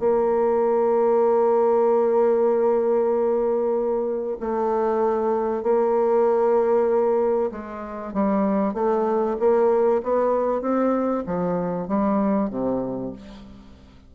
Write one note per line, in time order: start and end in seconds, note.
0.00 4.38 A#3
4.41 5.64 A3
5.64 7.51 A#3
7.52 8.14 G#3
8.14 8.74 G3
8.74 9.37 A3
9.40 10.03 A#3
10.04 10.62 B3
10.62 11.24 C4
11.26 11.88 F3
11.88 12.51 G3
12.51 13.13 C3